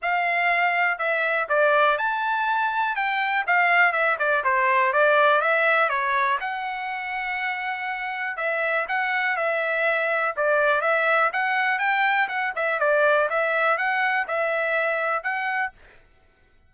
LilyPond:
\new Staff \with { instrumentName = "trumpet" } { \time 4/4 \tempo 4 = 122 f''2 e''4 d''4 | a''2 g''4 f''4 | e''8 d''8 c''4 d''4 e''4 | cis''4 fis''2.~ |
fis''4 e''4 fis''4 e''4~ | e''4 d''4 e''4 fis''4 | g''4 fis''8 e''8 d''4 e''4 | fis''4 e''2 fis''4 | }